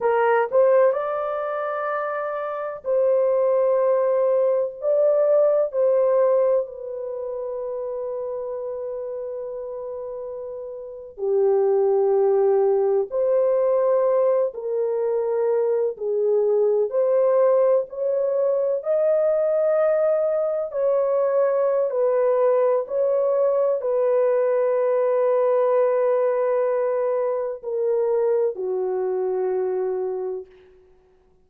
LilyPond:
\new Staff \with { instrumentName = "horn" } { \time 4/4 \tempo 4 = 63 ais'8 c''8 d''2 c''4~ | c''4 d''4 c''4 b'4~ | b'2.~ b'8. g'16~ | g'4.~ g'16 c''4. ais'8.~ |
ais'8. gis'4 c''4 cis''4 dis''16~ | dis''4.~ dis''16 cis''4~ cis''16 b'4 | cis''4 b'2.~ | b'4 ais'4 fis'2 | }